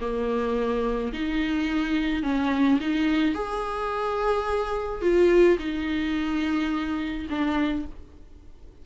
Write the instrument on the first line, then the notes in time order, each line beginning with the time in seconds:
viola
0.00 A#3
1.12 D#4
2.23 C#4
2.80 D#4
3.34 G#4
5.01 F4
5.59 D#4
7.29 D4